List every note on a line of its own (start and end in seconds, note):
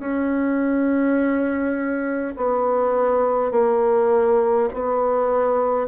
0.00 2.35 C#4
2.37 3.52 B3
3.52 4.70 A#3
4.74 5.88 B3